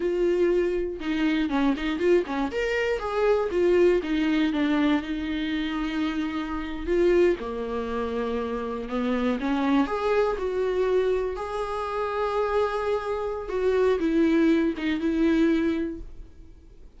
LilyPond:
\new Staff \with { instrumentName = "viola" } { \time 4/4 \tempo 4 = 120 f'2 dis'4 cis'8 dis'8 | f'8 cis'8 ais'4 gis'4 f'4 | dis'4 d'4 dis'2~ | dis'4.~ dis'16 f'4 ais4~ ais16~ |
ais4.~ ais16 b4 cis'4 gis'16~ | gis'8. fis'2 gis'4~ gis'16~ | gis'2. fis'4 | e'4. dis'8 e'2 | }